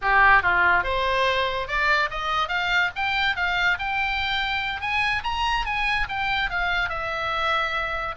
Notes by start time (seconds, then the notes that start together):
0.01 G4
0.42 F4
0.83 C5
1.67 D5
2.10 D#5
2.48 F5
2.95 G5
3.35 F5
3.79 G5
4.80 G#5
5.23 A#5
5.65 G#5
6.08 G5
6.50 F5
6.89 E5